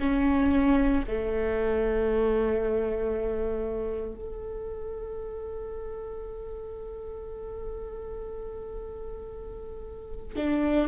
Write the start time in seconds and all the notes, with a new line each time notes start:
0.00 C#4
1.08 A3
4.15 A4
10.36 D4